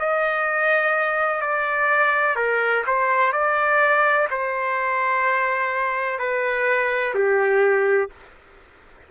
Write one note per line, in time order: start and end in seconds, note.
0.00 1.42 D#5
1.42 2.36 D5
2.36 2.84 A#4
2.87 3.33 C5
3.33 4.28 D5
4.31 6.19 C5
6.19 7.15 B4
7.15 8.10 G4